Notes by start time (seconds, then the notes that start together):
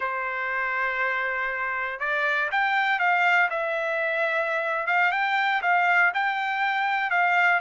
0.00 C5
1.99 D5
2.51 G5
2.99 F5
3.50 E5
4.86 F5
5.11 G5
5.62 F5
6.14 G5
7.10 F5